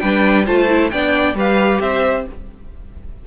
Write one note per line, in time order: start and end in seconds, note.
0.00 0.48 G3
0.00 0.47 D4
0.00 0.46 B4
0.00 0.45 G5
0.46 0.93 A3
0.46 0.69 F4
0.46 0.91 C5
0.46 0.91 A5
0.69 0.91 E4
0.91 1.34 B3
0.91 1.36 D4
0.91 1.37 D5
0.91 1.36 G5
1.34 1.79 G3
1.34 2.27 G4
1.34 1.82 B4
1.34 1.81 F5
1.81 2.26 C4
1.81 2.27 C5
1.81 2.26 E5